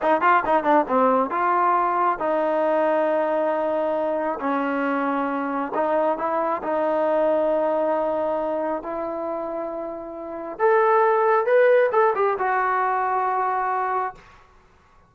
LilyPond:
\new Staff \with { instrumentName = "trombone" } { \time 4/4 \tempo 4 = 136 dis'8 f'8 dis'8 d'8 c'4 f'4~ | f'4 dis'2.~ | dis'2 cis'2~ | cis'4 dis'4 e'4 dis'4~ |
dis'1 | e'1 | a'2 b'4 a'8 g'8 | fis'1 | }